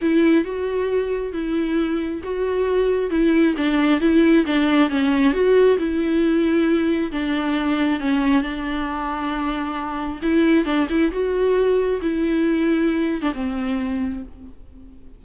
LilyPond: \new Staff \with { instrumentName = "viola" } { \time 4/4 \tempo 4 = 135 e'4 fis'2 e'4~ | e'4 fis'2 e'4 | d'4 e'4 d'4 cis'4 | fis'4 e'2. |
d'2 cis'4 d'4~ | d'2. e'4 | d'8 e'8 fis'2 e'4~ | e'4.~ e'16 d'16 c'2 | }